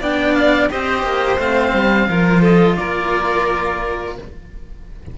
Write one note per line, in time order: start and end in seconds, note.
0.00 0.69 B3
0.00 0.69 D4
0.00 0.69 D5
0.00 0.34 G5
0.34 0.68 F5
0.69 1.03 C4
0.69 1.38 G4
0.69 2.08 C5
0.69 1.40 D#5
1.03 1.37 A#3
1.38 1.72 A3
1.38 2.08 C4
1.38 2.43 F5
1.73 2.08 G3
2.08 2.77 F3
2.08 4.15 F4
2.08 2.41 A#4
2.41 2.76 A4
2.41 2.77 D#5
2.77 4.18 A#3
2.77 4.17 A#4
2.77 4.15 D5